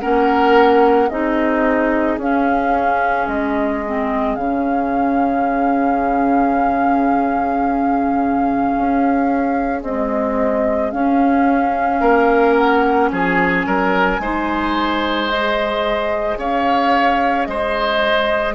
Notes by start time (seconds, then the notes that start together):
0.00 A#3 C#4 A#4 F#5
1.09 C4 D#4 G#4 D#5
2.18 C#4 F5
3.27 G#3 D#5
3.86 C4
4.35 C#3 C#4 F5
8.78 C#4
9.83 G#3 C4 D#5
10.91 C#4 F5
12.00 A#3 A#4
12.55 F#5
13.11 F3 G#4 G#5
13.66 F#3 A#4
14.19 G#3 D#4 C5
15.28 G#4 D#5
16.38 C#4 C#5 F5
17.45 G#3 C5 D#5